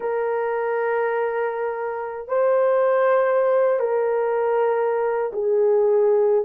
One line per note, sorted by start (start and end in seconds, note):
0.00 2.28 A#4
2.28 3.79 C5
3.79 5.31 A#4
5.32 6.44 G#4